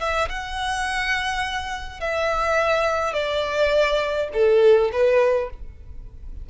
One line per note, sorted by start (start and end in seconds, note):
0.00 0.29 E5
0.29 2.00 F#5
2.00 3.14 E5
3.14 4.29 D5
4.34 4.91 A4
4.92 5.50 B4